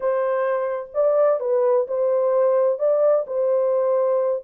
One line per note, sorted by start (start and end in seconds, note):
0.00 0.90 C5
0.94 1.40 D5
1.40 1.86 B4
1.87 2.78 C5
2.78 3.25 D5
3.26 4.42 C5